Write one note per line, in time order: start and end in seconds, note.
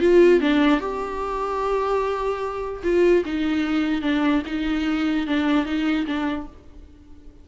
0.00 0.40 F4
0.40 0.80 D4
0.80 2.82 G4
2.83 3.24 F4
3.25 4.02 D#4
4.02 4.42 D4
4.46 5.26 D#4
5.26 5.65 D4
5.65 6.05 D#4
6.06 6.47 D4